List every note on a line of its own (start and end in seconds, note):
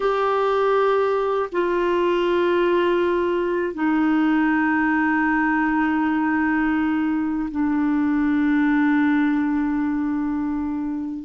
0.00 1.49 G4
1.51 3.74 F4
3.74 7.49 D#4
7.50 11.24 D4